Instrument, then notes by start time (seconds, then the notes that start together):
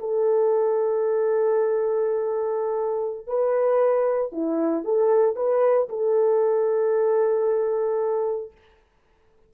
horn
0.00 A4
3.28 B4
4.33 E4
4.85 A4
5.36 B4
5.89 A4